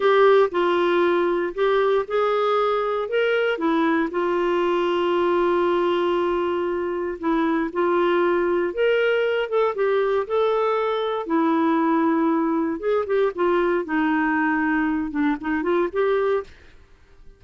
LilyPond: \new Staff \with { instrumentName = "clarinet" } { \time 4/4 \tempo 4 = 117 g'4 f'2 g'4 | gis'2 ais'4 e'4 | f'1~ | f'2 e'4 f'4~ |
f'4 ais'4. a'8 g'4 | a'2 e'2~ | e'4 gis'8 g'8 f'4 dis'4~ | dis'4. d'8 dis'8 f'8 g'4 | }